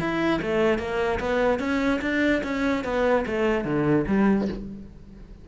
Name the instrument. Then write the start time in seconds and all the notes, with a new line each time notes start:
cello
0.00 E4
0.42 A3
0.79 A#3
1.20 B3
1.60 C#4
2.01 D4
2.44 C#4
2.84 B3
3.26 A3
3.65 D3
4.07 G3